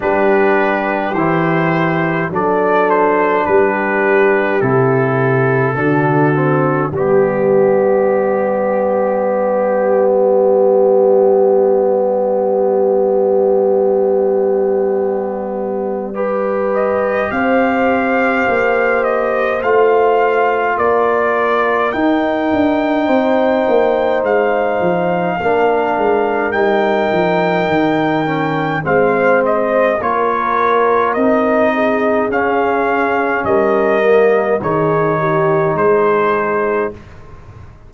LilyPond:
<<
  \new Staff \with { instrumentName = "trumpet" } { \time 4/4 \tempo 4 = 52 b'4 c''4 d''8 c''8 b'4 | a'2 g'2~ | g'8. d''2.~ d''16~ | d''2~ d''8 dis''8 f''4~ |
f''8 dis''8 f''4 d''4 g''4~ | g''4 f''2 g''4~ | g''4 f''8 dis''8 cis''4 dis''4 | f''4 dis''4 cis''4 c''4 | }
  \new Staff \with { instrumentName = "horn" } { \time 4/4 g'2 a'4 g'4~ | g'4 fis'4 g'2~ | g'1~ | g'2 b'4 c''4~ |
c''2 ais'2 | c''2 ais'2~ | ais'4 c''4 ais'4. gis'8~ | gis'4 ais'4 gis'8 g'8 gis'4 | }
  \new Staff \with { instrumentName = "trombone" } { \time 4/4 d'4 e'4 d'2 | e'4 d'8 c'8 b2~ | b1~ | b2 g'2~ |
g'4 f'2 dis'4~ | dis'2 d'4 dis'4~ | dis'8 cis'8 c'4 f'4 dis'4 | cis'4. ais8 dis'2 | }
  \new Staff \with { instrumentName = "tuba" } { \time 4/4 g4 e4 fis4 g4 | c4 d4 g2~ | g1~ | g2. c'4 |
ais4 a4 ais4 dis'8 d'8 | c'8 ais8 gis8 f8 ais8 gis8 g8 f8 | dis4 gis4 ais4 c'4 | cis'4 g4 dis4 gis4 | }
>>